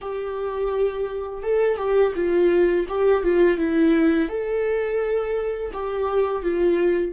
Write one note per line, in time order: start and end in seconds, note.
0.01 1.43 G4
1.43 1.77 A4
1.77 2.12 G4
2.15 2.86 F4
2.88 3.23 G4
3.23 3.57 F4
3.57 4.29 E4
4.29 5.71 A4
5.73 6.42 G4
6.42 7.12 F4